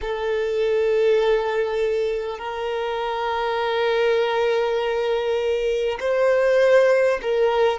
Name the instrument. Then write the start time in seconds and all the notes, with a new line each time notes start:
violin
0.01 A4
2.38 A#4
5.99 C5
7.22 A#4